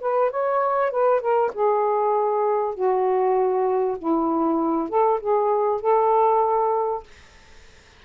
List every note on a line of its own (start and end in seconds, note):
0.00 0.31 B4
0.31 0.90 C#5
0.90 1.21 B4
1.21 1.51 A#4
1.53 2.75 G#4
2.75 3.97 F#4
3.98 4.89 E4
4.89 5.20 A4
5.20 5.81 G#4
5.81 7.03 A4